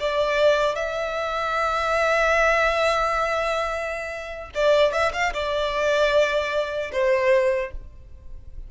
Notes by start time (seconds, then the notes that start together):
0.00 D5
0.75 E5
4.55 D5
4.92 E5
5.13 F5
5.33 D5
6.92 C5